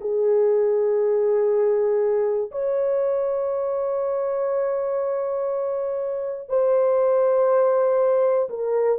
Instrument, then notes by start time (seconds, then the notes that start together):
horn
0.00 G#4
2.51 C#5
6.49 C5
8.49 A#4